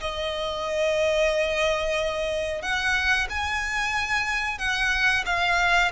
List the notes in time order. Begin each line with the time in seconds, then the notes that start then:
0.00 D#5
2.61 F#5
3.29 G#5
4.58 F#5
5.25 F5